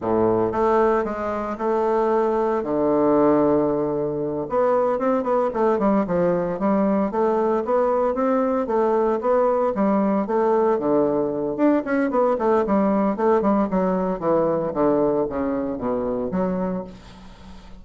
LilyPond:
\new Staff \with { instrumentName = "bassoon" } { \time 4/4 \tempo 4 = 114 a,4 a4 gis4 a4~ | a4 d2.~ | d8 b4 c'8 b8 a8 g8 f8~ | f8 g4 a4 b4 c'8~ |
c'8 a4 b4 g4 a8~ | a8 d4. d'8 cis'8 b8 a8 | g4 a8 g8 fis4 e4 | d4 cis4 b,4 fis4 | }